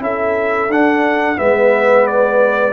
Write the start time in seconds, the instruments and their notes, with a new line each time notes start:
0.00 tuba C#4, trombone E4, horn A4, trumpet E5
0.69 tuba D4, trombone D4, trumpet F#5
1.36 tuba G#3, trombone B3, horn B4, trumpet E5
2.07 trumpet D5